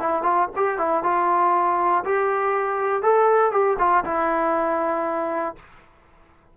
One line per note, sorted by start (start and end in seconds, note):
0.00 0.23 E4
0.23 0.48 F4
0.56 0.78 G4
0.78 1.04 E4
1.04 2.04 F4
2.05 3.03 G4
3.03 3.52 A4
3.52 3.77 G4
3.79 4.05 F4
4.05 5.56 E4